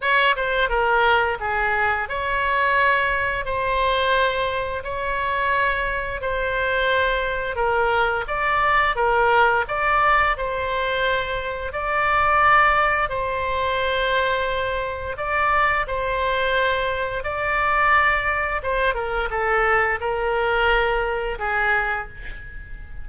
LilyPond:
\new Staff \with { instrumentName = "oboe" } { \time 4/4 \tempo 4 = 87 cis''8 c''8 ais'4 gis'4 cis''4~ | cis''4 c''2 cis''4~ | cis''4 c''2 ais'4 | d''4 ais'4 d''4 c''4~ |
c''4 d''2 c''4~ | c''2 d''4 c''4~ | c''4 d''2 c''8 ais'8 | a'4 ais'2 gis'4 | }